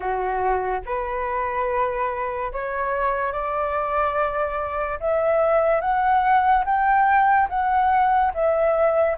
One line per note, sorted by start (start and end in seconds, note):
0.00 0.80 F#4
0.85 2.52 B4
2.52 3.32 C#5
3.32 4.99 D5
5.00 5.81 E5
5.81 6.64 F#5
6.65 7.48 G5
7.48 8.32 F#5
8.33 9.17 E5